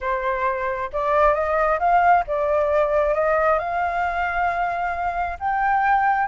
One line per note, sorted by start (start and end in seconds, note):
0.00 0.90 C5
0.92 1.34 D5
1.34 1.78 D#5
1.79 2.24 F5
2.27 3.14 D5
3.14 3.58 D#5
3.58 5.37 F5
5.39 6.27 G5